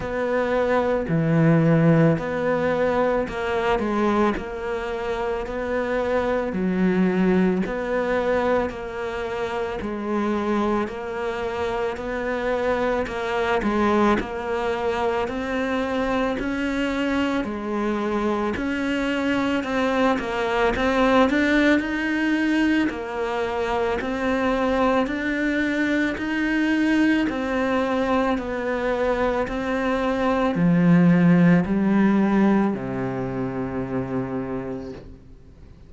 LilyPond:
\new Staff \with { instrumentName = "cello" } { \time 4/4 \tempo 4 = 55 b4 e4 b4 ais8 gis8 | ais4 b4 fis4 b4 | ais4 gis4 ais4 b4 | ais8 gis8 ais4 c'4 cis'4 |
gis4 cis'4 c'8 ais8 c'8 d'8 | dis'4 ais4 c'4 d'4 | dis'4 c'4 b4 c'4 | f4 g4 c2 | }